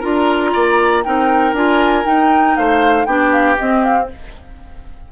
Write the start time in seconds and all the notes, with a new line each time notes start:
0.00 D4 F4 A#4 A#5
0.53 A#3 D5
1.04 C4 D#4 A#4 G5
1.53 D4 F4 G#5
2.05 D#4 G5
2.57 A3 C5 F5
3.06 B3 D4 G4 G5
3.32 F5
3.59 C4 D#5
3.84 F5